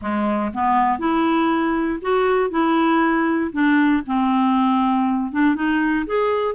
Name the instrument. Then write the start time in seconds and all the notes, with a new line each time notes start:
clarinet
0.01 G#3
0.53 B3
0.99 E4
2.01 F#4
2.50 E4
3.52 D4
4.06 C4
5.32 D4
5.55 D#4
6.06 G#4